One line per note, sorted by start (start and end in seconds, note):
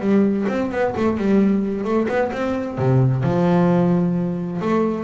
0.00 0.46 G3
0.48 0.71 C4
0.71 0.94 B3
0.97 1.18 A3
1.18 1.84 G3
1.84 2.07 A3
2.08 2.31 B3
2.33 2.78 C4
2.78 3.23 C3
3.23 4.61 F3
4.61 5.04 A3